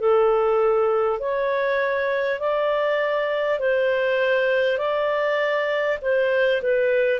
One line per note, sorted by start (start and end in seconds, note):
0.00 1.20 A4
1.20 2.39 C#5
2.39 3.59 D5
3.59 4.78 C5
4.78 5.98 D5
6.02 6.62 C5
6.62 7.20 B4